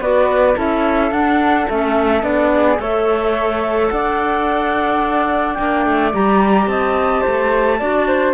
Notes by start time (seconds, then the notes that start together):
0.00 B3 F#4 B4 D5
0.55 C#4 E4 A4 E5
1.11 D4 F#5
1.68 A3 C#4 E5
2.22 B3 D4 D5
2.53 G#4
2.77 A3 A4 C#5 E5
3.89 D4 D5 F#5
5.54 A#3 D4 G5
5.86 A3
6.13 G3 G4 A#5
6.67 C4 D#5 A5
7.21 A3 C5
7.79 D4 F#4 D5
8.07 C5